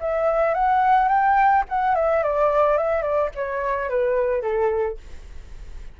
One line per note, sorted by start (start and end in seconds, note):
0.00 0.54 E5
0.54 1.08 F#5
1.08 1.63 G5
1.69 1.95 F#5
1.95 2.23 E5
2.23 2.77 D5
2.77 3.02 E5
3.02 3.30 D5
3.35 3.89 C#5
3.89 4.42 B4
4.42 4.97 A4